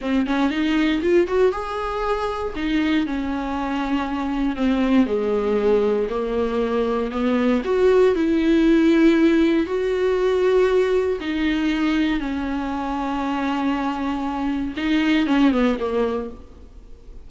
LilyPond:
\new Staff \with { instrumentName = "viola" } { \time 4/4 \tempo 4 = 118 c'8 cis'8 dis'4 f'8 fis'8 gis'4~ | gis'4 dis'4 cis'2~ | cis'4 c'4 gis2 | ais2 b4 fis'4 |
e'2. fis'4~ | fis'2 dis'2 | cis'1~ | cis'4 dis'4 cis'8 b8 ais4 | }